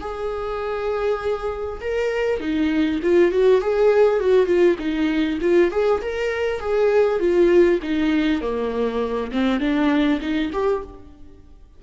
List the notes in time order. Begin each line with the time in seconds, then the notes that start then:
0.00 G#4
1.80 A#4
2.39 D#4
3.02 F4
3.31 F#4
3.61 G#4
4.19 F#4
4.46 F4
4.78 D#4
5.41 F4
5.71 G#4
6.01 A#4
6.59 G#4
7.19 F4
7.82 D#4
8.41 A#3
9.31 C4
9.60 D4
10.20 D#4
10.52 G4